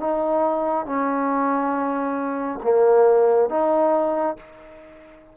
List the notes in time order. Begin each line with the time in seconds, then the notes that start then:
0.00 D#4
0.86 C#4
2.64 A#3
3.50 D#4